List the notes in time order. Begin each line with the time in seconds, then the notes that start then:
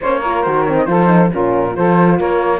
0.00 A#3 C#4 C5 C#5
0.20 F4 A#4
0.42 D#3 F#4 C5
0.63 C4 C#5
0.76 D#5
0.85 F3 F4 A4 C5
1.06 D#4
1.31 A#2 C#4 F4 A#4
1.72 F3 F4 A4 C5
2.17 A#3 A#4 C#5